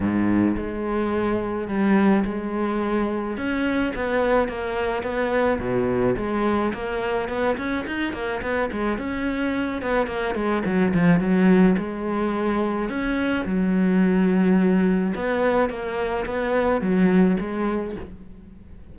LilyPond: \new Staff \with { instrumentName = "cello" } { \time 4/4 \tempo 4 = 107 gis,4 gis2 g4 | gis2 cis'4 b4 | ais4 b4 b,4 gis4 | ais4 b8 cis'8 dis'8 ais8 b8 gis8 |
cis'4. b8 ais8 gis8 fis8 f8 | fis4 gis2 cis'4 | fis2. b4 | ais4 b4 fis4 gis4 | }